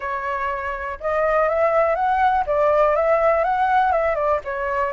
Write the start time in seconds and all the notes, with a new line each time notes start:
0.00 C#5
1.00 D#5
1.48 E5
1.95 F#5
2.46 D5
2.95 E5
3.44 F#5
3.92 E5
4.15 D5
4.44 C#5